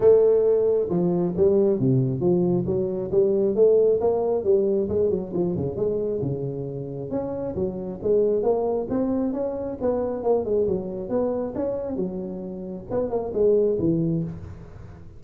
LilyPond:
\new Staff \with { instrumentName = "tuba" } { \time 4/4 \tempo 4 = 135 a2 f4 g4 | c4 f4 fis4 g4 | a4 ais4 g4 gis8 fis8 | f8 cis8 gis4 cis2 |
cis'4 fis4 gis4 ais4 | c'4 cis'4 b4 ais8 gis8 | fis4 b4 cis'4 fis4~ | fis4 b8 ais8 gis4 e4 | }